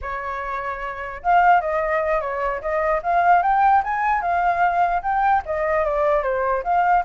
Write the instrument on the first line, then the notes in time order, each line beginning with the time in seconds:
flute
0.01 C#5
1.22 F5
1.61 D#5
2.20 C#5
2.61 D#5
3.02 F5
3.42 G5
3.83 G#5
4.21 F5
5.02 G5
5.45 D#5
5.84 D5
6.23 C5
6.63 F5